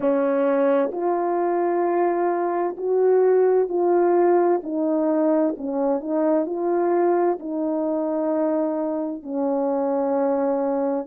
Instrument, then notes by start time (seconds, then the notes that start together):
horn
0.00 C#4
0.91 F4
2.77 F#4
3.68 F4
4.63 D#4
5.57 C#4
6.00 D#4
6.46 F4
7.39 D#4
9.22 C#4